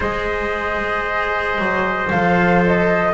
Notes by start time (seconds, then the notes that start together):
0.00 G#3 G#4 C5 D#5
1.58 F#3
2.10 F3 A4 F5
2.66 D#5